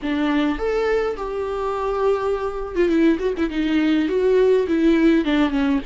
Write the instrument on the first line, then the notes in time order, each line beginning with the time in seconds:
viola
0.02 D4
0.58 A4
1.16 G4
2.75 F4
2.88 E4
3.19 F#4
3.37 E4
3.50 D#4
4.08 F#4
4.67 E4
5.25 D4
5.50 C#4